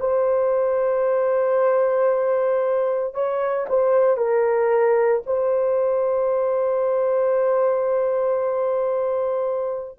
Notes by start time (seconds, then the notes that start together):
0.00 C5
3.14 C#5
3.69 C5
4.17 A#4
5.26 C5